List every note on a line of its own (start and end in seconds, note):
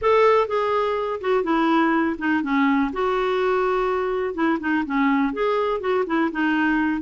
0.01 0.47 A4
0.47 1.20 G#4
1.20 1.43 F#4
1.43 2.16 E4
2.18 2.42 D#4
2.42 2.91 C#4
2.92 4.34 F#4
4.34 4.58 E4
4.60 4.84 D#4
4.85 5.33 C#4
5.33 5.80 G#4
5.80 6.04 F#4
6.06 6.30 E4
6.31 7.01 D#4